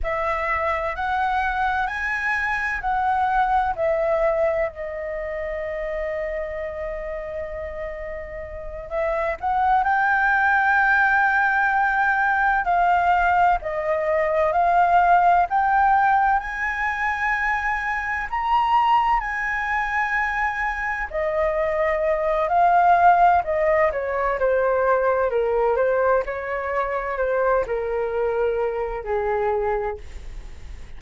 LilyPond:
\new Staff \with { instrumentName = "flute" } { \time 4/4 \tempo 4 = 64 e''4 fis''4 gis''4 fis''4 | e''4 dis''2.~ | dis''4. e''8 fis''8 g''4.~ | g''4. f''4 dis''4 f''8~ |
f''8 g''4 gis''2 ais''8~ | ais''8 gis''2 dis''4. | f''4 dis''8 cis''8 c''4 ais'8 c''8 | cis''4 c''8 ais'4. gis'4 | }